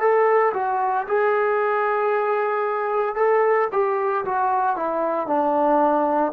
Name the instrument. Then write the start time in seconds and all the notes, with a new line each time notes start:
trombone
0.00 A4
0.54 F#4
1.07 G#4
3.15 A4
3.72 G4
4.25 F#4
4.76 E4
5.27 D4